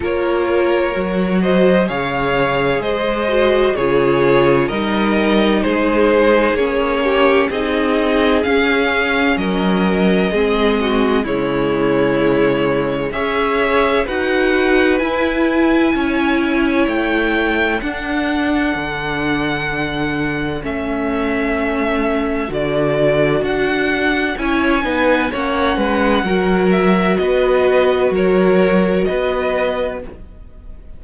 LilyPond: <<
  \new Staff \with { instrumentName = "violin" } { \time 4/4 \tempo 4 = 64 cis''4. dis''8 f''4 dis''4 | cis''4 dis''4 c''4 cis''4 | dis''4 f''4 dis''2 | cis''2 e''4 fis''4 |
gis''2 g''4 fis''4~ | fis''2 e''2 | d''4 fis''4 gis''4 fis''4~ | fis''8 e''8 dis''4 cis''4 dis''4 | }
  \new Staff \with { instrumentName = "violin" } { \time 4/4 ais'4. c''8 cis''4 c''4 | gis'4 ais'4 gis'4. g'8 | gis'2 ais'4 gis'8 fis'8 | e'2 cis''4 b'4~ |
b'4 cis''2 a'4~ | a'1~ | a'2 cis''8 b'8 cis''8 b'8 | ais'4 b'4 ais'4 b'4 | }
  \new Staff \with { instrumentName = "viola" } { \time 4/4 f'4 fis'4 gis'4. fis'8 | f'4 dis'2 cis'4 | dis'4 cis'2 c'4 | gis2 gis'4 fis'4 |
e'2. d'4~ | d'2 cis'2 | fis'2 e'8 dis'8 cis'4 | fis'1 | }
  \new Staff \with { instrumentName = "cello" } { \time 4/4 ais4 fis4 cis4 gis4 | cis4 g4 gis4 ais4 | c'4 cis'4 fis4 gis4 | cis2 cis'4 dis'4 |
e'4 cis'4 a4 d'4 | d2 a2 | d4 d'4 cis'8 b8 ais8 gis8 | fis4 b4 fis4 b4 | }
>>